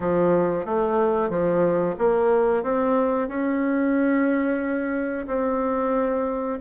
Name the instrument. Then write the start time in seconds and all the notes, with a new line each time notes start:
bassoon
0.00 F3
0.65 A3
1.29 F3
1.98 A#3
2.63 C4
3.28 C#4
5.27 C4